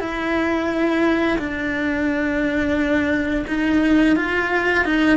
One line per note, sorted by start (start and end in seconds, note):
0.00 1.38 E4
1.38 3.45 D4
3.47 4.16 D#4
4.16 4.85 F4
4.85 5.17 D#4